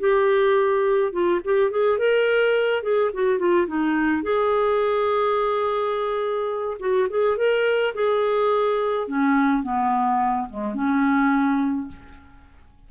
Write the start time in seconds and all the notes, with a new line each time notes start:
0.00 G4
1.13 F4
1.45 G4
1.71 G#4
1.99 A#4
2.83 G#4
3.14 F#4
3.39 F4
3.68 D#4
4.23 G#4
6.80 F#4
7.10 G#4
7.38 A#4
7.95 G#4
9.08 C#4
9.63 B3
10.51 G#3
10.75 C#4